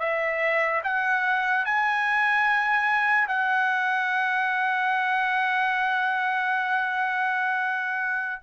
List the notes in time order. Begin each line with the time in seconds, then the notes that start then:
0.00 E5
0.84 F#5
1.66 G#5
3.28 F#5